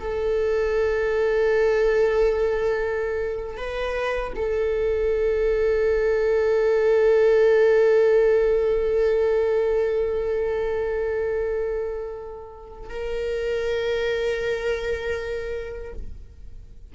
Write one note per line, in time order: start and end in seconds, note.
0.00 3.57 A4
3.57 4.33 B4
4.36 12.89 A4
12.89 15.93 A#4